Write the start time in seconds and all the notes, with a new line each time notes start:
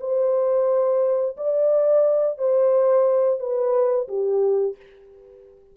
0.00 C5
1.37 D5
2.38 C5
3.39 B4
4.08 G4